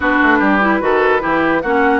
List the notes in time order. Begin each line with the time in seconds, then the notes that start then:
0.00 B3 D4 F#4 B4
0.22 A3
0.38 G3 G4
0.60 E4
0.81 D#3 F#4 A4
1.19 E3 E4 G4
1.61 A#3 C#4 F#4 F#5